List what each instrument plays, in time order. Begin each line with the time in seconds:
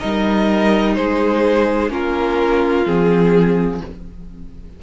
0.00 cello G3, viola D#4, violin A#4 D#5
0.95 cello G#3, violin G#4 C5
1.90 cello A#3, viola C#4, violin F4 A#4
2.86 cello F3, viola C4, violin G#4